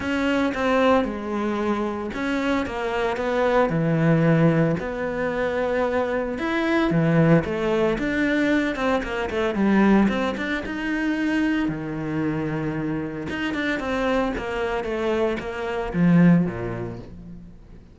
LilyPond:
\new Staff \with { instrumentName = "cello" } { \time 4/4 \tempo 4 = 113 cis'4 c'4 gis2 | cis'4 ais4 b4 e4~ | e4 b2. | e'4 e4 a4 d'4~ |
d'8 c'8 ais8 a8 g4 c'8 d'8 | dis'2 dis2~ | dis4 dis'8 d'8 c'4 ais4 | a4 ais4 f4 ais,4 | }